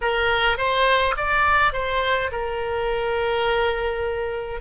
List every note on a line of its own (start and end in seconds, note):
0.01 0.57 A#4
0.57 1.15 C5
1.16 1.73 D5
1.73 2.30 C5
2.31 4.60 A#4